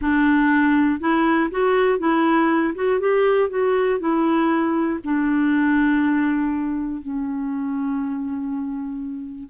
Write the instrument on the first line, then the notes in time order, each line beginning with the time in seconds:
clarinet
0.01 D4
1.00 E4
1.50 F#4
1.98 E4
2.75 F#4
3.00 G4
3.49 F#4
3.99 E4
5.04 D4
7.01 C#4